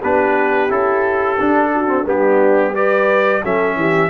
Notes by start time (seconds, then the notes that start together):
0.00 B3 D4 G4 B4
0.69 C#4 E4 A4
1.40 D4
1.74 F#4
1.87 C4
2.06 G3 B3 D4 G4
2.75 G4 B4 D5
3.43 F#3 C#4 A4 E5
3.76 E3 G4